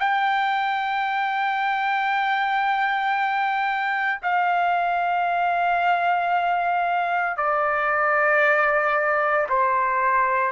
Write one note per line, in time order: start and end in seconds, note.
0.00 4.21 G5
4.23 7.37 F5
7.37 9.48 D5
9.50 10.53 C5